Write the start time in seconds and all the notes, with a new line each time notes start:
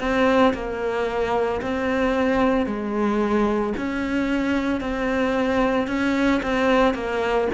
0.00 C4
0.54 A#3
1.62 C4
2.66 G#3
3.77 C#4
4.81 C4
5.88 C#4
6.43 C4
6.94 A#3